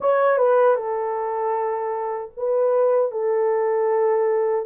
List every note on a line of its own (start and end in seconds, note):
0.00 0.37 C#5
0.37 0.75 B4
0.75 2.31 A4
2.36 3.11 B4
3.11 4.65 A4